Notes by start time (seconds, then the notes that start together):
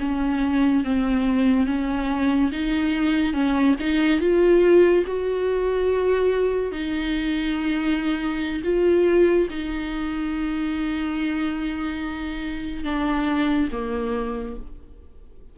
0.00 C#4
0.84 C4
1.66 C#4
2.52 D#4
3.33 C#4
3.80 D#4
4.20 F4
5.07 F#4
6.72 D#4
8.64 F4
9.50 D#4
12.84 D4
13.72 A#3